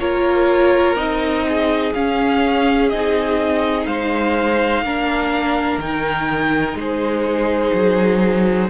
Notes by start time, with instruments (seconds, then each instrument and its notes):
0.00 cello A#3, viola F4, violin A#4 C#5
0.96 cello C4, viola D#4, violin D#5
1.49 violin G#4
1.94 viola C#4, cello C#4, violin F5
2.90 cello C4, viola D#4, violin D#5
3.86 cello G#3, violin C5 F5
4.83 cello A#3, viola D4, violin A#4
5.78 cello D#3, viola D#4, violin G5
6.75 cello G#3, violin C5
6.81 violin G#4
7.74 cello F#3